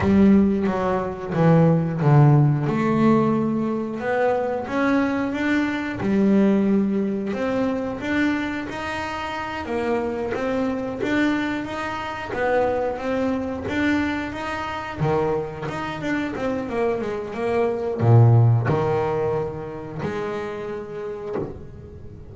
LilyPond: \new Staff \with { instrumentName = "double bass" } { \time 4/4 \tempo 4 = 90 g4 fis4 e4 d4 | a2 b4 cis'4 | d'4 g2 c'4 | d'4 dis'4. ais4 c'8~ |
c'8 d'4 dis'4 b4 c'8~ | c'8 d'4 dis'4 dis4 dis'8 | d'8 c'8 ais8 gis8 ais4 ais,4 | dis2 gis2 | }